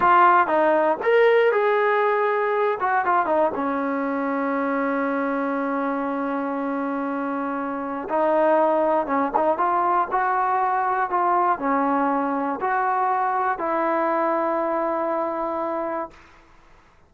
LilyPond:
\new Staff \with { instrumentName = "trombone" } { \time 4/4 \tempo 4 = 119 f'4 dis'4 ais'4 gis'4~ | gis'4. fis'8 f'8 dis'8 cis'4~ | cis'1~ | cis'1 |
dis'2 cis'8 dis'8 f'4 | fis'2 f'4 cis'4~ | cis'4 fis'2 e'4~ | e'1 | }